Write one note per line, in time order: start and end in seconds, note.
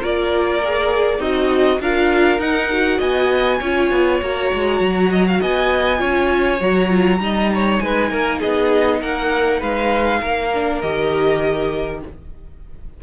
0.00 1.19 A#3
0.00 0.61 F4
0.00 1.19 A#4
0.00 1.21 D5
0.65 1.21 G#4
1.19 1.79 C4
1.19 1.79 D#4
1.19 1.81 F#4
1.19 1.81 D#5
1.80 2.39 D4
1.80 2.41 F4
1.80 2.98 A#4
1.80 2.41 F5
2.39 2.99 D#4
2.39 2.71 D#4
2.39 3.00 F#5
2.71 3.61 F#4
2.98 3.61 B3
2.98 3.58 D#5
2.98 4.21 G#5
3.60 3.92 C#4
3.60 4.23 F4
3.60 5.10 C#5
3.92 4.21 B3
4.22 4.52 A#3
4.22 5.98 F#4
4.22 5.43 A#5
4.54 4.80 G#3
4.80 5.41 F#3
5.11 5.26 D#5
5.28 5.41 F5
5.41 6.01 B3
5.41 6.00 D#5
5.41 6.63 G#5
5.98 6.61 C#4
5.98 6.58 F4
5.98 7.20 C#5
6.61 7.20 F#3
6.61 6.89 F#4
6.61 7.79 A#5
6.89 7.19 F4
7.20 7.80 G3
7.20 10.50 D#4
7.20 7.53 D#5
7.55 7.84 C#5
7.79 8.11 G#3
7.79 8.11 B4
7.79 8.39 G#5
8.11 8.41 A#3
8.11 8.40 A#4
8.40 9.02 B3
8.40 9.00 G#4
8.40 9.01 D#5
9.00 9.62 A#3
9.00 9.60 A#4
9.00 9.62 F#5
9.60 10.22 G#3
9.60 10.20 B4
9.60 10.81 F5
10.21 10.83 A#3
10.21 12.01 A#4
10.54 10.83 D4
10.81 12.03 D#3
10.81 12.03 G4
10.81 12.01 D#5